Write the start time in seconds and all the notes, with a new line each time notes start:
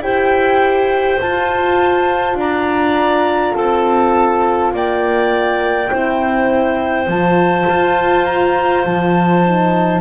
0.00 E4 G4 C5 G5
1.20 F4 A5
2.34 D4 D5 A#5
3.55 C4 A4 A5
4.74 A#3 D5 G5
5.90 C4 E4 C5
7.07 F3 F4 A5
7.69 F4
8.25 A#5
8.85 F3 A5
9.46 D#4